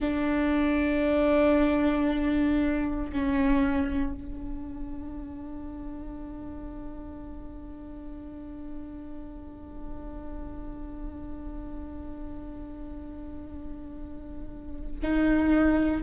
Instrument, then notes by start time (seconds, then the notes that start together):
viola
0.00 D4
3.12 C#4
4.13 D4
15.02 D#4